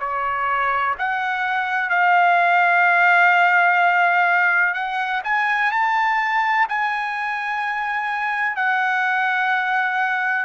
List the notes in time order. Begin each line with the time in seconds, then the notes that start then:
0.00 C#5
0.98 F#5
1.90 F5
4.74 F#5
5.24 G#5
5.72 A5
6.69 G#5
8.56 F#5